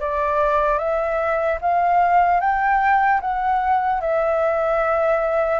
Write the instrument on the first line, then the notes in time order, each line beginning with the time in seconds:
flute
0.00 D5
0.78 E5
1.61 F5
2.40 G5
3.20 F#5
4.00 E5